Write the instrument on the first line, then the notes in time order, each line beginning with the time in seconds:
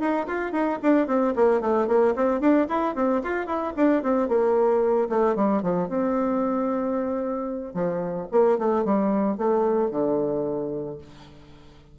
bassoon
0.00 D#4
0.27 F4
0.52 D#4
0.83 D4
1.07 C4
1.36 A#3
1.61 A3
1.88 A#3
2.16 C4
2.41 D4
2.69 E4
2.95 C4
3.23 F4
3.47 E4
3.77 D4
4.03 C4
4.29 A#3
5.09 A3
5.36 G3
5.62 F3
5.89 C4
7.74 F3
8.32 A#3
8.59 A3
8.85 G3
9.38 A3
9.91 D3